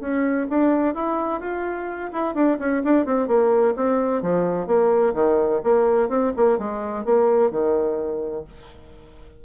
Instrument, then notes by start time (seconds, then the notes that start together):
bassoon
0.00 C#4
0.49 D4
0.94 E4
1.40 F4
2.12 E4
2.34 D4
2.59 C#4
2.84 D4
3.06 C4
3.27 A#3
3.76 C4
4.22 F3
4.67 A#3
5.14 D#3
5.64 A#3
6.09 C4
6.36 A#3
6.59 G#3
7.05 A#3
7.51 D#3